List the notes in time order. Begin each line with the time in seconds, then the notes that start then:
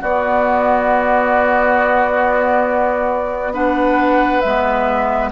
0.00 B3 F#4 D5
3.54 D4 B4 F#5
4.41 G#3 B3 E5